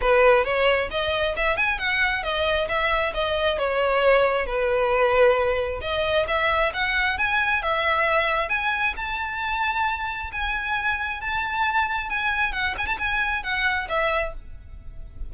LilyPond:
\new Staff \with { instrumentName = "violin" } { \time 4/4 \tempo 4 = 134 b'4 cis''4 dis''4 e''8 gis''8 | fis''4 dis''4 e''4 dis''4 | cis''2 b'2~ | b'4 dis''4 e''4 fis''4 |
gis''4 e''2 gis''4 | a''2. gis''4~ | gis''4 a''2 gis''4 | fis''8 gis''16 a''16 gis''4 fis''4 e''4 | }